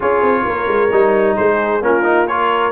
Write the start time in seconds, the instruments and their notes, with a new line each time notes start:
0.00 tuba C#4, trombone F4, horn G#4, trumpet C#5
0.21 tuba C4
0.45 tuba A#3, horn A#4
0.67 tuba G#3
0.91 tuba G3, trombone D#4
1.36 tuba G#3, horn G#4, trumpet C5
1.81 tuba A#3, trombone C#4, horn F4, trumpet A#4
2.03 trombone D#4
2.27 trombone F4, horn A#4, trumpet C#5